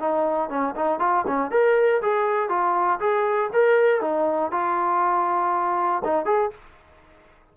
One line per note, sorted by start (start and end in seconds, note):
0.00 0.50 D#4
0.50 0.75 C#4
0.76 1.00 D#4
1.00 1.25 F4
1.27 1.51 C#4
1.51 2.02 A#4
2.02 2.49 G#4
2.49 3.00 F4
3.00 3.51 G#4
3.53 4.01 A#4
4.01 4.52 D#4
4.52 6.03 F4
6.05 6.26 D#4
6.26 6.51 G#4